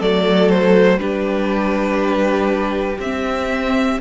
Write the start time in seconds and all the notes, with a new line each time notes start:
0.00 F#3 A3 A4 D5
0.50 C5
0.99 G3 D4 G4 B4
2.99 C4 E5